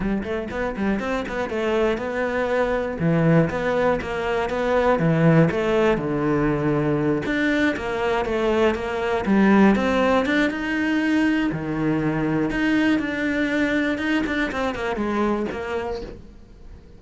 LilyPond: \new Staff \with { instrumentName = "cello" } { \time 4/4 \tempo 4 = 120 g8 a8 b8 g8 c'8 b8 a4 | b2 e4 b4 | ais4 b4 e4 a4 | d2~ d8 d'4 ais8~ |
ais8 a4 ais4 g4 c'8~ | c'8 d'8 dis'2 dis4~ | dis4 dis'4 d'2 | dis'8 d'8 c'8 ais8 gis4 ais4 | }